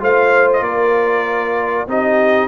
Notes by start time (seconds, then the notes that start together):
0.00 A3 F4 C5 F5
0.53 D#5
0.61 A#3 A#4 D5
1.87 C4 D#4 G4 D#5